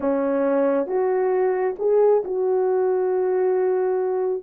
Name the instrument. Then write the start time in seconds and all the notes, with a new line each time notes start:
horn
0.00 C#4
0.87 F#4
1.79 G#4
2.24 F#4